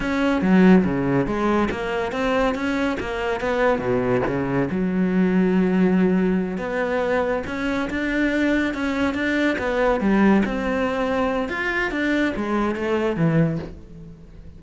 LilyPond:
\new Staff \with { instrumentName = "cello" } { \time 4/4 \tempo 4 = 141 cis'4 fis4 cis4 gis4 | ais4 c'4 cis'4 ais4 | b4 b,4 cis4 fis4~ | fis2.~ fis8 b8~ |
b4. cis'4 d'4.~ | d'8 cis'4 d'4 b4 g8~ | g8 c'2~ c'8 f'4 | d'4 gis4 a4 e4 | }